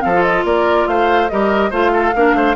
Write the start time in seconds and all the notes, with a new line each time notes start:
0.00 F3 C4 A4 F5
0.13 F4
0.22 D#5
0.44 A#3 A#4 D5
0.87 A3 C5 F5
1.28 G3 G4 A#4 D#5
1.70 A3 F4 C5 F5
1.93 A4
2.14 A#3 D4 A#4
2.33 A3 C5